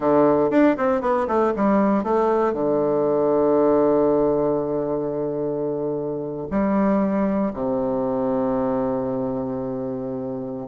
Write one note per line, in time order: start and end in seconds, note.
0.00 0.50 D3
0.50 0.76 D4
0.77 1.01 C4
1.01 1.26 B3
1.27 1.53 A3
1.56 2.03 G3
2.03 2.53 A3
2.53 6.47 D3
6.50 7.52 G3
7.53 10.68 C3